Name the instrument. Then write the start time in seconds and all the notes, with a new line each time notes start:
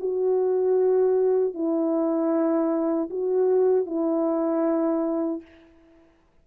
horn
0.00 F#4
1.54 E4
3.10 F#4
3.86 E4